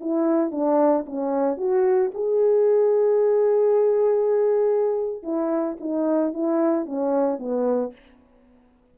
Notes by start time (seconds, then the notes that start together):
0.00 E4
0.51 D4
1.05 C#4
1.57 F#4
2.14 G#4
5.22 E4
5.80 D#4
6.33 E4
6.85 C#4
7.39 B3